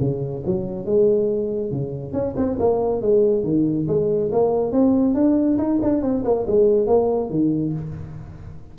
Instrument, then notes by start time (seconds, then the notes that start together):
tuba
0.00 C#3
0.46 F#3
0.85 G#3
1.71 C#3
2.13 C#4
2.36 C4
2.59 A#3
3.01 G#3
3.44 D#3
3.88 G#3
4.32 A#3
4.72 C4
5.14 D4
5.58 D#4
5.82 D4
6.02 C4
6.24 A#3
6.47 G#3
6.87 A#3
7.30 D#3